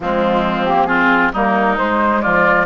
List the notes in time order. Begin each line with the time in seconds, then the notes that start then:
0.00 F3 G#3 C4 F4
0.65 A#3 G4
0.86 C4 F4 G#4
1.32 G3 A#3 D#4 A#4
1.76 G#3 C5
2.21 F3 F4 D5